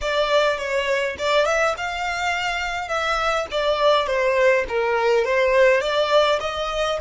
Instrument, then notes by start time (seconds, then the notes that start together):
violin
0.01 D5
0.58 C#5
1.18 D5
1.45 E5
1.77 F5
2.88 E5
3.51 D5
4.06 C5
4.68 A#4
5.24 C5
5.80 D5
6.40 D#5